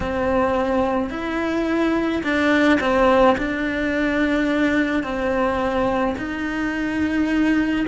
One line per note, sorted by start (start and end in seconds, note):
0.00 1.10 C4
1.10 2.22 E4
2.23 2.79 D4
2.80 3.36 C4
3.37 5.03 D4
5.03 6.15 C4
6.18 7.86 D#4